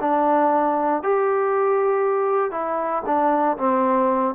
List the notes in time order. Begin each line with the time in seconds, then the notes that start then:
0.00 D4
1.03 G4
2.51 E4
3.06 D4
3.57 C4